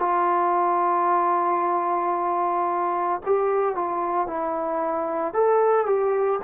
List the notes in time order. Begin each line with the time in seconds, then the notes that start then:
0.00 F4
3.26 G4
3.75 F4
4.28 E4
5.34 A4
5.87 G4